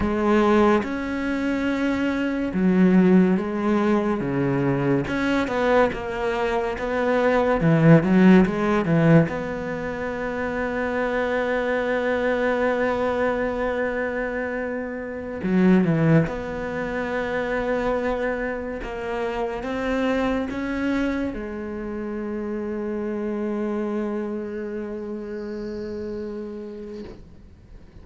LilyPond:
\new Staff \with { instrumentName = "cello" } { \time 4/4 \tempo 4 = 71 gis4 cis'2 fis4 | gis4 cis4 cis'8 b8 ais4 | b4 e8 fis8 gis8 e8 b4~ | b1~ |
b2~ b16 fis8 e8 b8.~ | b2~ b16 ais4 c'8.~ | c'16 cis'4 gis2~ gis8.~ | gis1 | }